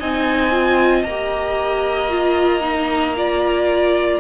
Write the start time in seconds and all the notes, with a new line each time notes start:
0.00 C4 D#4 D#5 G#5
0.51 F4
1.04 A#3 A#5
1.10 G4
2.10 F4
2.61 D#4
3.16 F4 D5